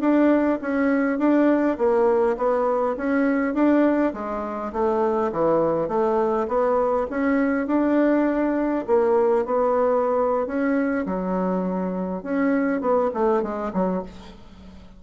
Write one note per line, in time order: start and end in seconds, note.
0.00 0.59 D4
0.61 1.18 C#4
1.18 1.77 D4
1.78 2.36 A#3
2.37 2.95 B3
2.97 3.54 C#4
3.54 4.13 D4
4.13 4.72 G#3
4.72 5.31 A3
5.32 5.88 E3
5.88 6.47 A3
6.47 7.06 B3
7.10 7.67 C#4
7.67 8.84 D4
8.87 9.45 A#3
9.45 10.46 B3
10.46 11.05 C#4
11.05 12.23 F#3
12.23 12.80 C#4
12.80 13.10 B3
13.14 13.42 A3
13.42 13.72 G#3
13.73 14.03 F#3